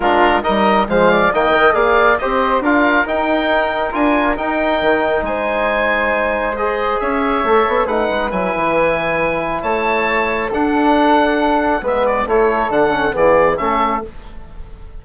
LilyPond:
<<
  \new Staff \with { instrumentName = "oboe" } { \time 4/4 \tempo 4 = 137 ais'4 dis''4 f''4 g''4 | f''4 dis''4 f''4 g''4~ | g''4 gis''4 g''2 | gis''2. dis''4 |
e''2 fis''4 gis''4~ | gis''2 a''2 | fis''2. e''8 d''8 | cis''4 fis''4 d''4 e''4 | }
  \new Staff \with { instrumentName = "flute" } { \time 4/4 f'4 ais'4 c''8 d''8 dis''4 | d''4 c''4 ais'2~ | ais'1 | c''1 |
cis''2 b'2~ | b'2 cis''2 | a'2. b'4 | a'2 gis'4 a'4 | }
  \new Staff \with { instrumentName = "trombone" } { \time 4/4 d'4 dis'4 gis4 ais8 ais'8 | gis'4 g'4 f'4 dis'4~ | dis'4 f'4 dis'2~ | dis'2. gis'4~ |
gis'4 a'4 dis'4 e'4~ | e'1 | d'2. b4 | e'4 d'8 cis'8 b4 cis'4 | }
  \new Staff \with { instrumentName = "bassoon" } { \time 4/4 gis4 g4 f4 dis4 | ais4 c'4 d'4 dis'4~ | dis'4 d'4 dis'4 dis4 | gis1 |
cis'4 a8 b8 a8 gis8 fis8 e8~ | e2 a2 | d'2. gis4 | a4 d4 e4 a4 | }
>>